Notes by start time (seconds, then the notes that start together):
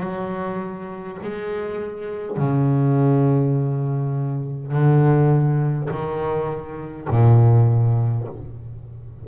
0.00 F#3
1.23 G#3
2.37 C#3
4.71 D3
5.90 D#3
7.10 A#2